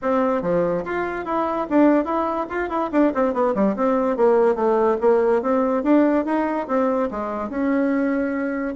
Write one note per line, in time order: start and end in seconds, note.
0.02 0.42 C4
0.42 0.83 F3
0.84 1.25 F4
1.25 1.67 E4
1.69 2.05 D4
2.05 2.46 E4
2.49 2.69 F4
2.69 2.90 E4
2.91 3.12 D4
3.14 3.33 C4
3.33 3.54 B3
3.54 3.75 G3
3.76 4.16 C4
4.16 4.55 A#3
4.55 4.96 A3
5.01 5.42 A#3
5.42 5.83 C4
5.83 6.25 D4
6.25 6.67 D#4
6.67 7.09 C4
7.10 7.49 G#3
7.49 8.74 C#4